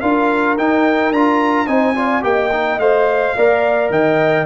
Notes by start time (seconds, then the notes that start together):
0.00 D4 F4 A#4 F5
0.57 D#4 G5
1.11 D4 F4 A#5
1.67 C4 D#4 C5 G#5
1.95 F4 D5
2.21 A#3 G4 D#5 G5
2.52 D#4
2.78 A3 C5 F5
3.36 A#3 A#4 D5
3.90 D#3 D#5 G5